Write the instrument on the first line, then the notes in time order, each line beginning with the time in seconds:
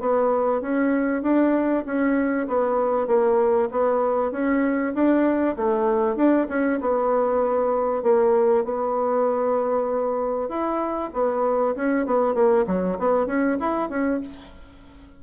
bassoon
0.00 B3
0.61 C#4
1.23 D4
1.86 C#4
2.48 B3
3.07 A#3
3.71 B3
4.32 C#4
4.94 D4
5.56 A3
6.16 D4
6.49 C#4
6.81 B3
8.03 A#3
8.65 B3
10.49 E4
11.13 B3
11.76 C#4
12.06 B3
12.34 A#3
12.67 F#3
12.99 B3
13.27 C#4
13.60 E4
13.90 C#4